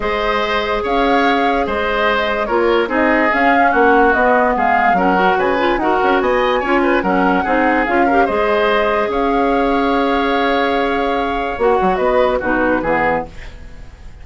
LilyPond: <<
  \new Staff \with { instrumentName = "flute" } { \time 4/4 \tempo 4 = 145 dis''2 f''2 | dis''2 cis''4 dis''4 | f''4 fis''4 dis''4 f''4 | fis''4 gis''4 fis''4 gis''4~ |
gis''4 fis''2 f''4 | dis''2 f''2~ | f''1 | fis''4 dis''4 b'2 | }
  \new Staff \with { instrumentName = "oboe" } { \time 4/4 c''2 cis''2 | c''2 ais'4 gis'4~ | gis'4 fis'2 gis'4 | ais'4 b'4 ais'4 dis''4 |
cis''8 b'8 ais'4 gis'4. ais'8 | c''2 cis''2~ | cis''1~ | cis''4 b'4 fis'4 gis'4 | }
  \new Staff \with { instrumentName = "clarinet" } { \time 4/4 gis'1~ | gis'2 f'4 dis'4 | cis'2 b2 | cis'8 fis'4 f'8 fis'2 |
f'4 cis'4 dis'4 f'8 g'8 | gis'1~ | gis'1 | fis'2 dis'4 b4 | }
  \new Staff \with { instrumentName = "bassoon" } { \time 4/4 gis2 cis'2 | gis2 ais4 c'4 | cis'4 ais4 b4 gis4 | fis4 cis4 dis'8 cis'8 b4 |
cis'4 fis4 c'4 cis'4 | gis2 cis'2~ | cis'1 | ais8 fis8 b4 b,4 e4 | }
>>